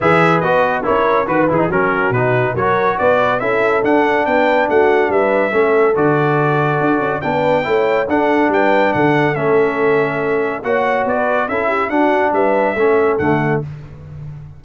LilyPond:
<<
  \new Staff \with { instrumentName = "trumpet" } { \time 4/4 \tempo 4 = 141 e''4 dis''4 cis''4 b'8 gis'8 | ais'4 b'4 cis''4 d''4 | e''4 fis''4 g''4 fis''4 | e''2 d''2~ |
d''4 g''2 fis''4 | g''4 fis''4 e''2~ | e''4 fis''4 d''4 e''4 | fis''4 e''2 fis''4 | }
  \new Staff \with { instrumentName = "horn" } { \time 4/4 b'2 ais'4 b'4 | fis'2 ais'4 b'4 | a'2 b'4 fis'4 | b'4 a'2.~ |
a'4 b'4 cis''4 a'4 | b'4 a'2.~ | a'4 cis''4~ cis''16 b'8. a'8 g'8 | fis'4 b'4 a'2 | }
  \new Staff \with { instrumentName = "trombone" } { \time 4/4 gis'4 fis'4 e'4 fis'8 e'16 dis'16 | cis'4 dis'4 fis'2 | e'4 d'2.~ | d'4 cis'4 fis'2~ |
fis'4 d'4 e'4 d'4~ | d'2 cis'2~ | cis'4 fis'2 e'4 | d'2 cis'4 a4 | }
  \new Staff \with { instrumentName = "tuba" } { \time 4/4 e4 b4 cis'4 dis8 e8 | fis4 b,4 fis4 b4 | cis'4 d'4 b4 a4 | g4 a4 d2 |
d'8 cis'8 b4 a4 d'4 | g4 d4 a2~ | a4 ais4 b4 cis'4 | d'4 g4 a4 d4 | }
>>